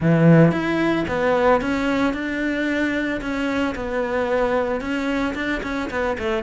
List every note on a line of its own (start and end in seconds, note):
0.00 0.51 E3
0.51 1.04 E4
1.07 1.61 B3
1.61 2.13 C#4
2.13 3.20 D4
3.21 3.74 C#4
3.75 4.81 B3
4.81 5.34 C#4
5.34 5.61 D4
5.62 5.89 C#4
5.90 6.17 B3
6.18 6.43 A3